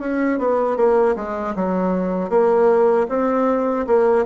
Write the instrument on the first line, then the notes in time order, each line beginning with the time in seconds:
bassoon
0.00 C#4
0.38 B3
0.77 A#3
1.16 G#3
1.56 F#3
2.30 A#3
3.09 C4
3.87 A#3